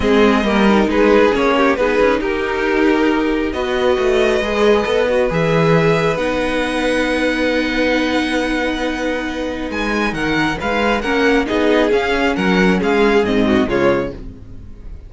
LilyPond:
<<
  \new Staff \with { instrumentName = "violin" } { \time 4/4 \tempo 4 = 136 dis''2 b'4 cis''4 | b'4 ais'2. | dis''1 | e''2 fis''2~ |
fis''1~ | fis''2 gis''4 fis''4 | f''4 fis''4 dis''4 f''4 | fis''4 f''4 dis''4 cis''4 | }
  \new Staff \with { instrumentName = "violin" } { \time 4/4 gis'4 ais'4 gis'4. g'8 | gis'4 g'2. | b'1~ | b'1~ |
b'1~ | b'2. ais'4 | b'4 ais'4 gis'2 | ais'4 gis'4. fis'8 f'4 | }
  \new Staff \with { instrumentName = "viola" } { \time 4/4 c'4 ais8 dis'4. cis'4 | dis'1 | fis'2 gis'4 a'8 fis'8 | gis'2 dis'2~ |
dis'1~ | dis'1~ | dis'4 cis'4 dis'4 cis'4~ | cis'2 c'4 gis4 | }
  \new Staff \with { instrumentName = "cello" } { \time 4/4 gis4 g4 gis4 ais4 | b8 cis'8 dis'2. | b4 a4 gis4 b4 | e2 b2~ |
b1~ | b2 gis4 dis4 | gis4 ais4 b4 cis'4 | fis4 gis4 gis,4 cis4 | }
>>